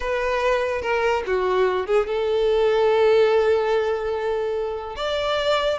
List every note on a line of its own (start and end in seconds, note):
0.00 0.81 B4
0.81 1.23 A#4
1.26 1.86 F#4
1.86 2.06 G#4
2.06 4.96 A4
4.96 5.78 D5